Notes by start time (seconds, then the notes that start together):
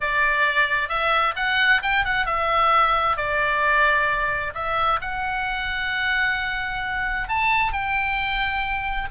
0.00 D5
0.88 E5
1.36 F#5
1.82 G5
2.04 F#5
2.26 E5
3.16 D5
4.54 E5
5.01 F#5
7.28 A5
7.72 G5